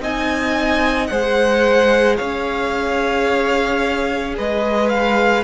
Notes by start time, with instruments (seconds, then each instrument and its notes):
0.00 cello C4, viola D#4, violin D#5 G#5
1.07 cello G#3, viola G#4, violin C5 F#5
2.16 cello C#4, violin C#5 F5
4.37 cello G#3, violin B4 D#5
4.89 violin F5